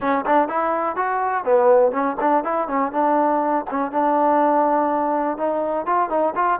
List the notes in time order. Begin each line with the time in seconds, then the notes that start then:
0.00 C#4
0.25 D4
0.48 E4
0.95 F#4
1.44 B3
1.92 C#4
2.20 D4
2.44 E4
2.68 C#4
2.92 D4
3.70 C#4
3.91 D4
5.37 D#4
5.86 F4
6.09 D#4
6.35 F4